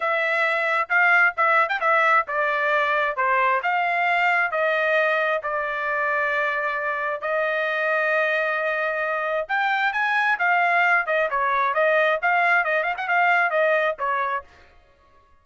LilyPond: \new Staff \with { instrumentName = "trumpet" } { \time 4/4 \tempo 4 = 133 e''2 f''4 e''8. g''16 | e''4 d''2 c''4 | f''2 dis''2 | d''1 |
dis''1~ | dis''4 g''4 gis''4 f''4~ | f''8 dis''8 cis''4 dis''4 f''4 | dis''8 f''16 fis''16 f''4 dis''4 cis''4 | }